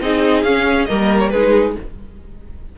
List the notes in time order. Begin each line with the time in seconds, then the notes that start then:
0.00 C4 D#4 G#4 D#5
0.42 C#4 F5
0.85 G3 A#3 A#4 D#5
1.19 C#5
1.29 G#3 D#4 G#4 B4